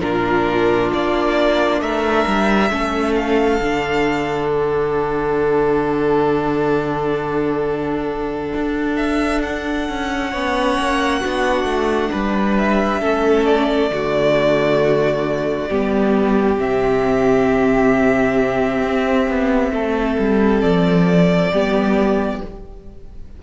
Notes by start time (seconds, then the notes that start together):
0.00 A#2 D4 F4 A#4
0.93 A#3 D5
1.81 A3 A#4 E5
2.27 G3
2.70 A3 C#4 A4
3.16 F5
3.60 D3 D4
4.50 F#5
8.55 D4
8.97 E5
9.42 F#5
9.89 C#4
10.31 B3 C#4 C#5
10.79 A#3
11.20 B3 D4 F#4
11.64 A3
12.12 G3 B4
12.58 E5
13.01 A3 C#4 A4
13.46 D5
13.90 D3 A3 F#4
15.69 G3 B3 G4
16.58 C3 C4 E5
18.83 C4
19.29 B3
19.72 A3 A4
20.19 G3
20.61 F3 D5
21.51 G3 B3 G4